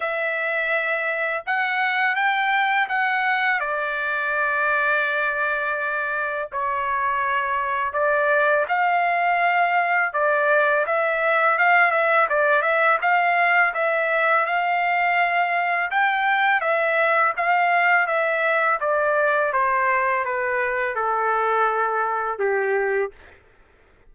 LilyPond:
\new Staff \with { instrumentName = "trumpet" } { \time 4/4 \tempo 4 = 83 e''2 fis''4 g''4 | fis''4 d''2.~ | d''4 cis''2 d''4 | f''2 d''4 e''4 |
f''8 e''8 d''8 e''8 f''4 e''4 | f''2 g''4 e''4 | f''4 e''4 d''4 c''4 | b'4 a'2 g'4 | }